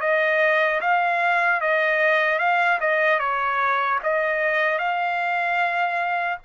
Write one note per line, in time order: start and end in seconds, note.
0.00 0.80 D#5
0.80 1.60 F5
1.60 2.39 D#5
2.39 2.79 F5
2.80 3.19 D#5
3.19 3.99 C#5
4.03 4.78 D#5
4.78 6.38 F5